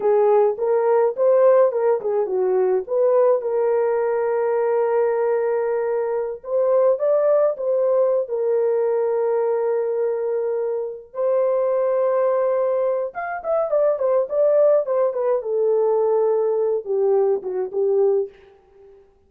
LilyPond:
\new Staff \with { instrumentName = "horn" } { \time 4/4 \tempo 4 = 105 gis'4 ais'4 c''4 ais'8 gis'8 | fis'4 b'4 ais'2~ | ais'2.~ ais'16 c''8.~ | c''16 d''4 c''4~ c''16 ais'4.~ |
ais'2.~ ais'8 c''8~ | c''2. f''8 e''8 | d''8 c''8 d''4 c''8 b'8 a'4~ | a'4. g'4 fis'8 g'4 | }